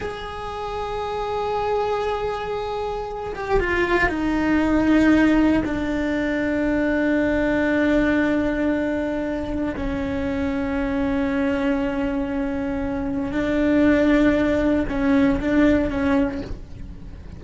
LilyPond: \new Staff \with { instrumentName = "cello" } { \time 4/4 \tempo 4 = 117 gis'1~ | gis'2~ gis'8 g'8 f'4 | dis'2. d'4~ | d'1~ |
d'2. cis'4~ | cis'1~ | cis'2 d'2~ | d'4 cis'4 d'4 cis'4 | }